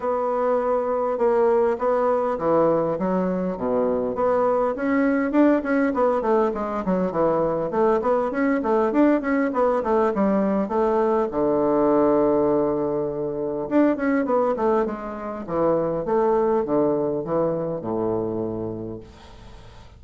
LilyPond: \new Staff \with { instrumentName = "bassoon" } { \time 4/4 \tempo 4 = 101 b2 ais4 b4 | e4 fis4 b,4 b4 | cis'4 d'8 cis'8 b8 a8 gis8 fis8 | e4 a8 b8 cis'8 a8 d'8 cis'8 |
b8 a8 g4 a4 d4~ | d2. d'8 cis'8 | b8 a8 gis4 e4 a4 | d4 e4 a,2 | }